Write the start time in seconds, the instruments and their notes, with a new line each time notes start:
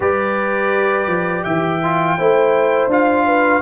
0.00 tuba G3, trombone G4, horn B4, trumpet D5
1.06 tuba F3
1.43 tuba E3, horn E5, trumpet G5
1.83 trombone F4
2.18 tuba A3, trombone E4, horn C5
2.87 tuba D4, trombone F4, trumpet F5
3.26 horn B4